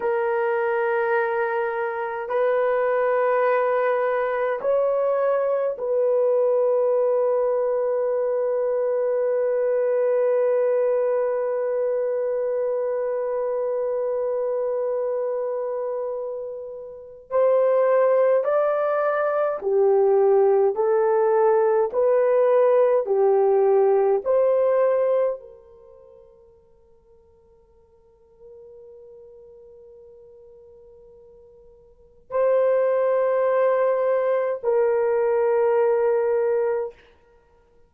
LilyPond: \new Staff \with { instrumentName = "horn" } { \time 4/4 \tempo 4 = 52 ais'2 b'2 | cis''4 b'2.~ | b'1~ | b'2. c''4 |
d''4 g'4 a'4 b'4 | g'4 c''4 ais'2~ | ais'1 | c''2 ais'2 | }